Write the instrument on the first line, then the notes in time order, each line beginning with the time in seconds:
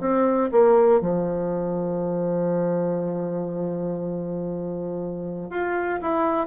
bassoon
0.00 C4
0.51 A#3
1.00 F3
5.50 F4
6.02 E4